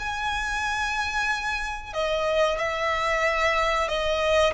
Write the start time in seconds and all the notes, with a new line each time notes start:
0.00 G#5
1.94 D#5
2.58 E5
3.89 D#5